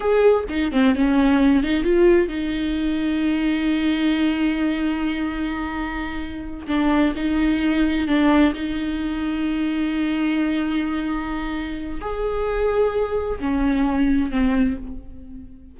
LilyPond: \new Staff \with { instrumentName = "viola" } { \time 4/4 \tempo 4 = 130 gis'4 dis'8 c'8 cis'4. dis'8 | f'4 dis'2.~ | dis'1~ | dis'2~ dis'8 d'4 dis'8~ |
dis'4. d'4 dis'4.~ | dis'1~ | dis'2 gis'2~ | gis'4 cis'2 c'4 | }